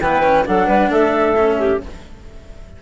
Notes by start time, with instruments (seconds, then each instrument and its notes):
0.00 bassoon E3, cello B3, clarinet B4, flute G5
0.22 cello C#4
0.45 bassoon F#3, cello D4, clarinet A4, flute F#5
0.66 bassoon G3, clarinet B4
0.90 bassoon A3, clarinet A4, flute E5
1.37 cello C#4
1.58 clarinet G4